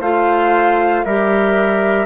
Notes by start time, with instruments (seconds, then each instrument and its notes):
0.00 bassoon A3, clarinet F4, trumpet C5, flute F5
1.05 bassoon G3, clarinet G4, trumpet A#4, flute E5